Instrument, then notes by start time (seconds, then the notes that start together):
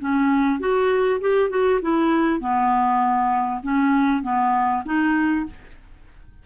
clarinet
0.00 C#4
0.59 F#4
1.20 G4
1.49 F#4
1.81 E4
2.40 B3
3.63 C#4
4.22 B3
4.85 D#4